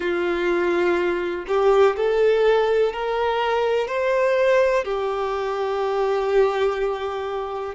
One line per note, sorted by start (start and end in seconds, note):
0.00 1.45 F4
1.47 1.96 G4
1.96 2.93 A4
2.93 3.87 A#4
3.87 4.84 C5
4.84 7.74 G4